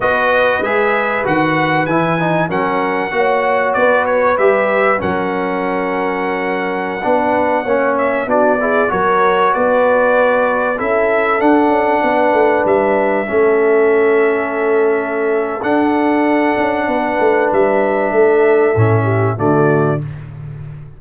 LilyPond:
<<
  \new Staff \with { instrumentName = "trumpet" } { \time 4/4 \tempo 4 = 96 dis''4 e''4 fis''4 gis''4 | fis''2 d''8 cis''8 e''4 | fis''1~ | fis''8. e''8 d''4 cis''4 d''8.~ |
d''4~ d''16 e''4 fis''4.~ fis''16~ | fis''16 e''2.~ e''8.~ | e''4 fis''2. | e''2. d''4 | }
  \new Staff \with { instrumentName = "horn" } { \time 4/4 b'1 | ais'4 cis''4 b'2 | ais'2.~ ais'16 b'8.~ | b'16 cis''4 fis'8 gis'8 ais'4 b'8.~ |
b'4~ b'16 a'2 b'8.~ | b'4~ b'16 a'2~ a'8.~ | a'2. b'4~ | b'4 a'4. g'8 fis'4 | }
  \new Staff \with { instrumentName = "trombone" } { \time 4/4 fis'4 gis'4 fis'4 e'8 dis'8 | cis'4 fis'2 g'4 | cis'2.~ cis'16 d'8.~ | d'16 cis'4 d'8 e'8 fis'4.~ fis'16~ |
fis'4~ fis'16 e'4 d'4.~ d'16~ | d'4~ d'16 cis'2~ cis'8.~ | cis'4 d'2.~ | d'2 cis'4 a4 | }
  \new Staff \with { instrumentName = "tuba" } { \time 4/4 b4 gis4 dis4 e4 | fis4 ais4 b4 g4 | fis2.~ fis16 b8.~ | b16 ais4 b4 fis4 b8.~ |
b4~ b16 cis'4 d'8 cis'8 b8 a16~ | a16 g4 a2~ a8.~ | a4 d'4. cis'8 b8 a8 | g4 a4 a,4 d4 | }
>>